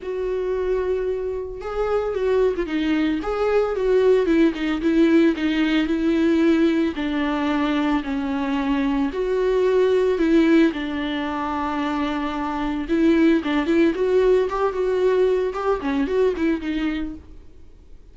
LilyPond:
\new Staff \with { instrumentName = "viola" } { \time 4/4 \tempo 4 = 112 fis'2. gis'4 | fis'8. f'16 dis'4 gis'4 fis'4 | e'8 dis'8 e'4 dis'4 e'4~ | e'4 d'2 cis'4~ |
cis'4 fis'2 e'4 | d'1 | e'4 d'8 e'8 fis'4 g'8 fis'8~ | fis'4 g'8 cis'8 fis'8 e'8 dis'4 | }